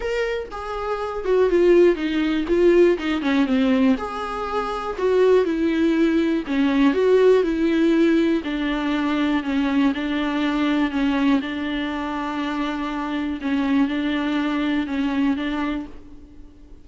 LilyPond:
\new Staff \with { instrumentName = "viola" } { \time 4/4 \tempo 4 = 121 ais'4 gis'4. fis'8 f'4 | dis'4 f'4 dis'8 cis'8 c'4 | gis'2 fis'4 e'4~ | e'4 cis'4 fis'4 e'4~ |
e'4 d'2 cis'4 | d'2 cis'4 d'4~ | d'2. cis'4 | d'2 cis'4 d'4 | }